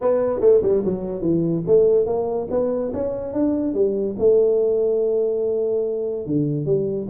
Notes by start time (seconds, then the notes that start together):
0.01 B3
0.40 A3
0.62 G3
0.84 F#3
1.21 E3
1.66 A3
2.05 A#3
2.50 B3
2.93 C#4
3.33 D4
3.73 G3
4.18 A3
6.26 D3
6.65 G3